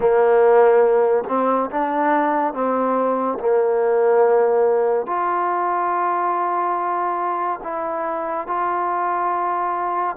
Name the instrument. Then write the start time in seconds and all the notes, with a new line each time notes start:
trombone
0.00 A#3
1.28 C4
1.70 D4
2.54 C4
3.39 A#3
5.06 F4
7.63 E4
8.47 F4